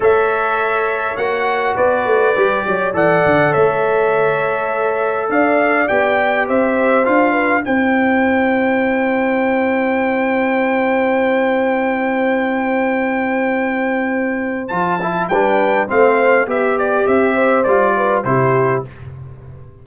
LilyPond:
<<
  \new Staff \with { instrumentName = "trumpet" } { \time 4/4 \tempo 4 = 102 e''2 fis''4 d''4~ | d''4 fis''4 e''2~ | e''4 f''4 g''4 e''4 | f''4 g''2.~ |
g''1~ | g''1~ | g''4 a''4 g''4 f''4 | e''8 d''8 e''4 d''4 c''4 | }
  \new Staff \with { instrumentName = "horn" } { \time 4/4 cis''2. b'4~ | b'8 cis''8 d''4 cis''2~ | cis''4 d''2 c''4~ | c''8 b'8 c''2.~ |
c''1~ | c''1~ | c''2 b'4 c''4 | g'4. c''4 b'8 g'4 | }
  \new Staff \with { instrumentName = "trombone" } { \time 4/4 a'2 fis'2 | g'4 a'2.~ | a'2 g'2 | f'4 e'2.~ |
e'1~ | e'1~ | e'4 f'8 e'8 d'4 c'4 | g'2 f'4 e'4 | }
  \new Staff \with { instrumentName = "tuba" } { \time 4/4 a2 ais4 b8 a8 | g8 fis8 e8 d8 a2~ | a4 d'4 b4 c'4 | d'4 c'2.~ |
c'1~ | c'1~ | c'4 f4 g4 a4 | b4 c'4 g4 c4 | }
>>